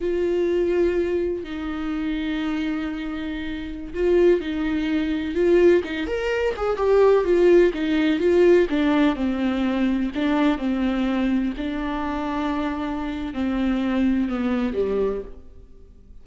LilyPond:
\new Staff \with { instrumentName = "viola" } { \time 4/4 \tempo 4 = 126 f'2. dis'4~ | dis'1~ | dis'16 f'4 dis'2 f'8.~ | f'16 dis'8 ais'4 gis'8 g'4 f'8.~ |
f'16 dis'4 f'4 d'4 c'8.~ | c'4~ c'16 d'4 c'4.~ c'16~ | c'16 d'2.~ d'8. | c'2 b4 g4 | }